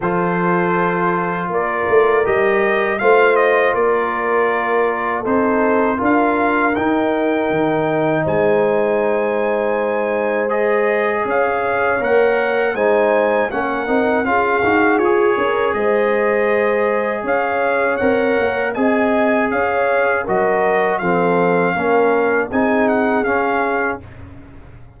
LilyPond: <<
  \new Staff \with { instrumentName = "trumpet" } { \time 4/4 \tempo 4 = 80 c''2 d''4 dis''4 | f''8 dis''8 d''2 c''4 | f''4 g''2 gis''4~ | gis''2 dis''4 f''4 |
fis''4 gis''4 fis''4 f''4 | cis''4 dis''2 f''4 | fis''4 gis''4 f''4 dis''4 | f''2 gis''8 fis''8 f''4 | }
  \new Staff \with { instrumentName = "horn" } { \time 4/4 a'2 ais'2 | c''4 ais'2 a'4 | ais'2. c''4~ | c''2. cis''4~ |
cis''4 c''4 ais'4 gis'4~ | gis'8 ais'8 c''2 cis''4~ | cis''4 dis''4 cis''4 ais'4 | a'4 ais'4 gis'2 | }
  \new Staff \with { instrumentName = "trombone" } { \time 4/4 f'2. g'4 | f'2. dis'4 | f'4 dis'2.~ | dis'2 gis'2 |
ais'4 dis'4 cis'8 dis'8 f'8 fis'8 | gis'1 | ais'4 gis'2 fis'4 | c'4 cis'4 dis'4 cis'4 | }
  \new Staff \with { instrumentName = "tuba" } { \time 4/4 f2 ais8 a8 g4 | a4 ais2 c'4 | d'4 dis'4 dis4 gis4~ | gis2. cis'4 |
ais4 gis4 ais8 c'8 cis'8 dis'8 | f'8 cis'8 gis2 cis'4 | c'8 ais8 c'4 cis'4 fis4 | f4 ais4 c'4 cis'4 | }
>>